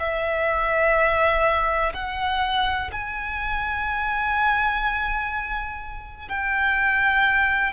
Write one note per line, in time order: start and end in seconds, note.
0.00 1.94 E5
1.94 2.91 F#5
2.92 6.29 G#5
6.29 7.74 G5